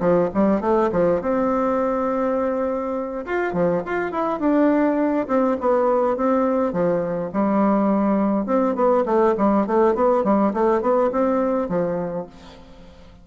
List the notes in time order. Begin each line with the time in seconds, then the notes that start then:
0.00 F3
0.34 G3
0.61 A3
0.92 F3
1.21 C4
3.26 F4
3.53 F3
3.86 F4
4.11 E4
4.40 D4
5.28 C4
5.60 B3
6.17 C4
6.73 F3
7.33 G3
8.46 C4
8.75 B3
9.06 A3
9.38 G3
9.67 A3
9.95 B3
10.24 G3
10.53 A3
10.81 B3
11.12 C4
11.69 F3